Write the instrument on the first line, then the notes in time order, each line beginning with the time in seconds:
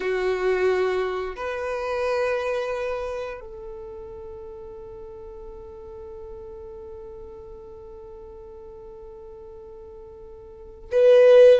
violin
0.00 F#4
1.36 B4
3.40 A4
10.91 B4